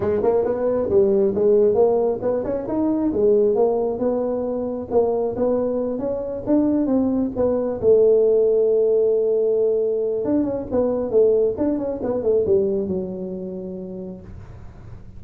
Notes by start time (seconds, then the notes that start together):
0.00 G#3
0.22 A#3
0.44 B3
0.89 G3
1.35 G#3
1.74 A#3
2.21 B3
2.44 C#4
2.68 D#4
3.12 G#3
3.55 A#3
3.98 B3
4.91 A#3
5.36 B3
5.98 C#4
6.46 D4
6.86 C4
7.36 B3
7.80 A3
10.24 D4
10.43 C#4
10.71 B3
11.10 A3
11.57 D4
11.78 C#4
12.02 B3
12.22 A3
12.45 G3
12.87 F#3